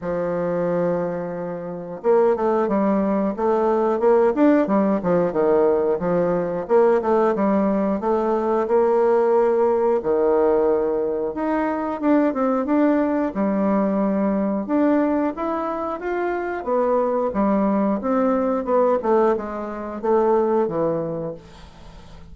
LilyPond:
\new Staff \with { instrumentName = "bassoon" } { \time 4/4 \tempo 4 = 90 f2. ais8 a8 | g4 a4 ais8 d'8 g8 f8 | dis4 f4 ais8 a8 g4 | a4 ais2 dis4~ |
dis4 dis'4 d'8 c'8 d'4 | g2 d'4 e'4 | f'4 b4 g4 c'4 | b8 a8 gis4 a4 e4 | }